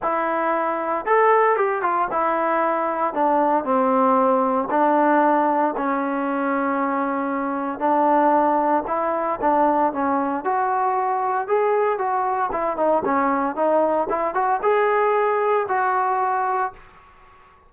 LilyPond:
\new Staff \with { instrumentName = "trombone" } { \time 4/4 \tempo 4 = 115 e'2 a'4 g'8 f'8 | e'2 d'4 c'4~ | c'4 d'2 cis'4~ | cis'2. d'4~ |
d'4 e'4 d'4 cis'4 | fis'2 gis'4 fis'4 | e'8 dis'8 cis'4 dis'4 e'8 fis'8 | gis'2 fis'2 | }